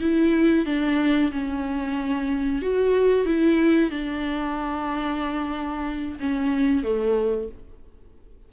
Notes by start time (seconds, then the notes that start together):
0.00 E4
0.66 D4
1.31 C#4
2.62 F#4
3.25 E4
3.90 D4
6.19 C#4
6.83 A3